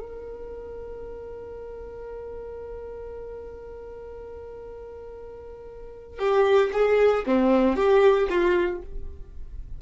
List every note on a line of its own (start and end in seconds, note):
0.00 6.19 A#4
6.19 6.71 G4
6.73 7.25 G#4
7.26 7.76 C4
7.76 8.28 G4
8.30 8.82 F4